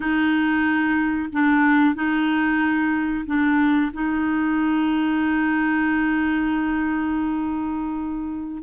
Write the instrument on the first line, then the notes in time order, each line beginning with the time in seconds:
clarinet
0.00 D#4
1.32 D4
1.94 D#4
3.26 D4
3.93 D#4